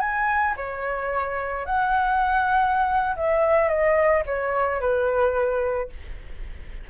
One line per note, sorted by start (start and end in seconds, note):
0.00 0.55 G#5
0.56 1.65 C#5
1.65 3.15 F#5
3.16 3.68 E5
3.68 4.23 D#5
4.25 4.80 C#5
4.80 5.89 B4